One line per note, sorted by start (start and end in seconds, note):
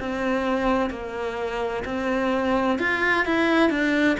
0.00 0.90 C4
0.90 1.84 A#3
1.85 2.79 C4
2.79 3.26 F4
3.26 3.70 E4
3.70 4.17 D4